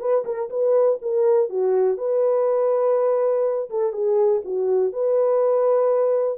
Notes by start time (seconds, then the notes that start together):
0.00 B4
0.25 A#4
0.50 B4
1.02 A#4
1.49 F#4
1.97 B4
3.70 A4
3.93 G#4
4.44 F#4
4.93 B4